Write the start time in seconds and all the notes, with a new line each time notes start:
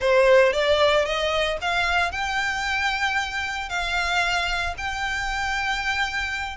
0.00 C5
0.52 D5
1.05 D#5
1.61 F5
2.11 G5
3.69 F5
4.77 G5